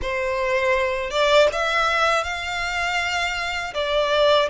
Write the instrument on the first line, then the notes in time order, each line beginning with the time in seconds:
violin
0.01 C5
1.10 D5
1.52 E5
2.23 F5
3.74 D5